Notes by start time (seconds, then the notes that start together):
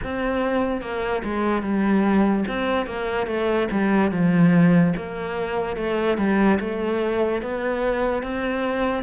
0.03 C4
0.81 A#3
1.24 G#3
1.62 G3
2.48 C4
2.86 A#3
3.27 A3
3.71 G3
4.11 F3
4.96 A#3
5.76 A3
6.17 G3
6.59 A3
7.42 B3
8.22 C4